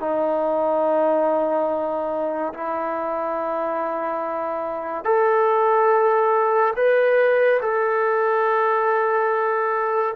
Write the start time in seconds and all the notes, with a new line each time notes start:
0.00 D#4
2.54 E4
5.05 A4
6.76 B4
7.62 A4